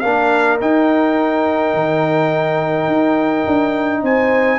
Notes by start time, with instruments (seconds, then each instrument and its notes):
0.00 tuba A#3, trombone D4, horn A#4, trumpet F5
0.61 trombone D#4, tuba D#4, trumpet G5
1.74 tuba D#3
2.87 tuba D#4
3.46 tuba D4
4.02 tuba C4, horn C5, trumpet G#5